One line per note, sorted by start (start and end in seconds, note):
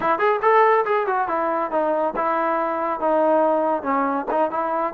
0.00 0.18 E4
0.18 0.40 G#4
0.41 0.84 A4
0.85 1.06 G#4
1.06 1.28 F#4
1.28 1.71 E4
1.71 2.14 D#4
2.15 3.00 E4
3.00 3.83 D#4
3.83 4.25 C#4
4.31 4.51 D#4
4.51 4.93 E4